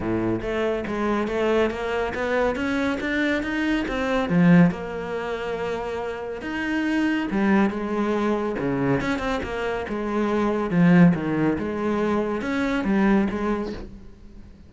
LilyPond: \new Staff \with { instrumentName = "cello" } { \time 4/4 \tempo 4 = 140 a,4 a4 gis4 a4 | ais4 b4 cis'4 d'4 | dis'4 c'4 f4 ais4~ | ais2. dis'4~ |
dis'4 g4 gis2 | cis4 cis'8 c'8 ais4 gis4~ | gis4 f4 dis4 gis4~ | gis4 cis'4 g4 gis4 | }